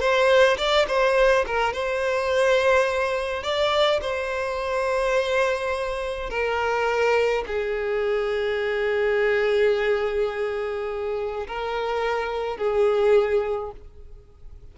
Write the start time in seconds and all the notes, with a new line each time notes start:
0.00 C5
0.57 D5
0.88 C5
1.46 A#4
1.73 C5
3.43 D5
4.02 C5
6.30 A#4
7.47 G#4
11.47 A#4
12.57 G#4